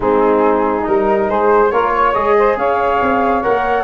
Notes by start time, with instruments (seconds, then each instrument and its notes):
0.00 tuba G#3, trombone C4, saxophone D#4, flute G#4
0.81 tuba G3, trombone D#4, flute A#4
1.28 tuba G#3, saxophone G#4, flute C5
1.71 tuba A#3, trombone F4, saxophone A#4, flute C#5
1.94 saxophone C#5
2.13 tuba G#3, trombone G#4, flute D#5
2.38 saxophone C5
2.57 tuba C#4, saxophone C#5, flute F5
3.01 tuba C4
3.42 tuba A#3, trombone A#4, flute F#5